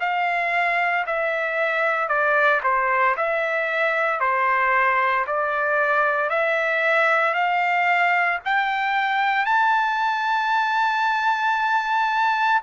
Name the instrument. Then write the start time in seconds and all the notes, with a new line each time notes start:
trumpet
0.00 F5
1.07 E5
2.09 D5
2.63 C5
3.17 E5
4.21 C5
5.27 D5
6.30 E5
7.34 F5
8.45 G5
9.46 A5